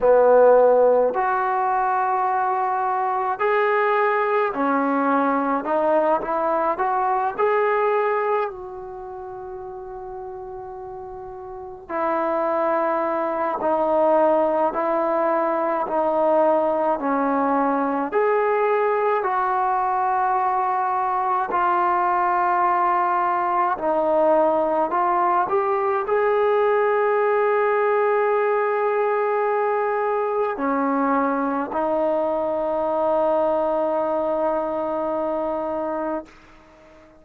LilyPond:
\new Staff \with { instrumentName = "trombone" } { \time 4/4 \tempo 4 = 53 b4 fis'2 gis'4 | cis'4 dis'8 e'8 fis'8 gis'4 fis'8~ | fis'2~ fis'8 e'4. | dis'4 e'4 dis'4 cis'4 |
gis'4 fis'2 f'4~ | f'4 dis'4 f'8 g'8 gis'4~ | gis'2. cis'4 | dis'1 | }